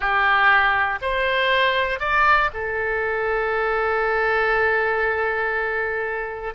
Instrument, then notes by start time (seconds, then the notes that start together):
oboe
0.00 G4
1.01 C5
1.99 D5
2.53 A4